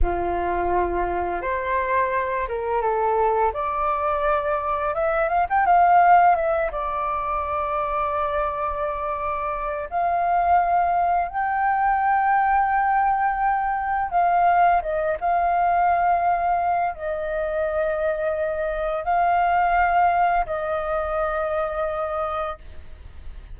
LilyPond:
\new Staff \with { instrumentName = "flute" } { \time 4/4 \tempo 4 = 85 f'2 c''4. ais'8 | a'4 d''2 e''8 f''16 g''16 | f''4 e''8 d''2~ d''8~ | d''2 f''2 |
g''1 | f''4 dis''8 f''2~ f''8 | dis''2. f''4~ | f''4 dis''2. | }